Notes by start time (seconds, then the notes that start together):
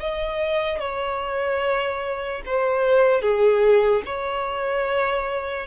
0.00 D#5
0.80 C#5
2.46 C5
3.22 G#4
4.05 C#5